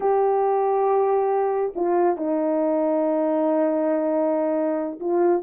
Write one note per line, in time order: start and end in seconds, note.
0.00 1.73 G4
1.75 2.17 F4
2.17 4.99 D#4
5.00 5.42 F4